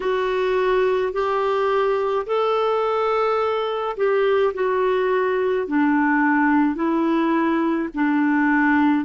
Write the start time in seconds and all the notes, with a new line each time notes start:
0.00 F#4
1.13 G4
2.26 A4
3.96 G4
4.53 F#4
5.67 D4
6.75 E4
7.94 D4